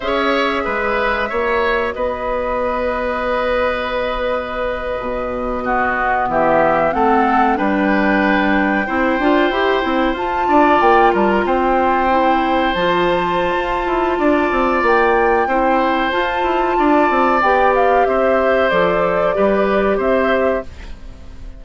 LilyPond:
<<
  \new Staff \with { instrumentName = "flute" } { \time 4/4 \tempo 4 = 93 e''2. dis''4~ | dis''1~ | dis''4.~ dis''16 e''4 fis''4 g''16~ | g''2.~ g''8. a''16~ |
a''8. g''8 a''16 ais''16 g''2 a''16~ | a''2. g''4~ | g''4 a''2 g''8 f''8 | e''4 d''2 e''4 | }
  \new Staff \with { instrumentName = "oboe" } { \time 4/4 cis''4 b'4 cis''4 b'4~ | b'1~ | b'8. fis'4 g'4 a'4 b'16~ | b'4.~ b'16 c''2~ c''16~ |
c''16 d''4 ais'8 c''2~ c''16~ | c''2 d''2 | c''2 d''2 | c''2 b'4 c''4 | }
  \new Staff \with { instrumentName = "clarinet" } { \time 4/4 gis'2 fis'2~ | fis'1~ | fis'8. b2 c'4 d'16~ | d'4.~ d'16 e'8 f'8 g'8 e'8 f'16~ |
f'2~ f'8. e'4 f'16~ | f'1 | e'4 f'2 g'4~ | g'4 a'4 g'2 | }
  \new Staff \with { instrumentName = "bassoon" } { \time 4/4 cis'4 gis4 ais4 b4~ | b2.~ b8. b,16~ | b,4.~ b,16 e4 a4 g16~ | g4.~ g16 c'8 d'8 e'8 c'8 f'16~ |
f'16 d'8 ais8 g8 c'2 f16~ | f4 f'8 e'8 d'8 c'8 ais4 | c'4 f'8 e'8 d'8 c'8 b4 | c'4 f4 g4 c'4 | }
>>